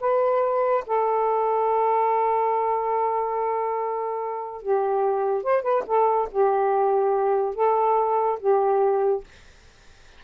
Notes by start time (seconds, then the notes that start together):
0.00 B4
0.86 A4
4.62 G4
5.43 C5
5.62 B4
5.86 A4
6.31 G4
7.55 A4
8.39 G4